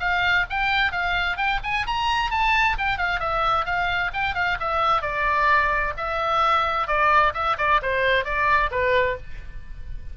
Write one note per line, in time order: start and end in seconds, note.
0.00 0.46 F5
0.50 0.92 G5
0.92 1.37 F5
1.37 1.60 G5
1.63 1.86 G#5
1.87 2.31 A#5
2.31 2.77 A5
2.78 2.98 G5
2.98 3.20 F5
3.20 3.65 E5
3.65 4.11 F5
4.13 4.35 G5
4.35 4.58 F5
4.60 5.02 E5
5.02 5.94 D5
5.97 6.87 E5
6.87 7.33 D5
7.34 7.57 E5
7.58 7.81 D5
7.82 8.25 C5
8.25 8.70 D5
8.71 9.17 B4